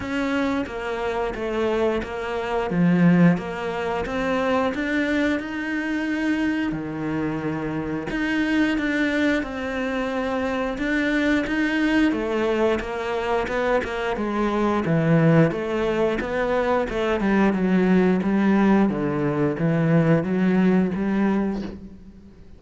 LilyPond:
\new Staff \with { instrumentName = "cello" } { \time 4/4 \tempo 4 = 89 cis'4 ais4 a4 ais4 | f4 ais4 c'4 d'4 | dis'2 dis2 | dis'4 d'4 c'2 |
d'4 dis'4 a4 ais4 | b8 ais8 gis4 e4 a4 | b4 a8 g8 fis4 g4 | d4 e4 fis4 g4 | }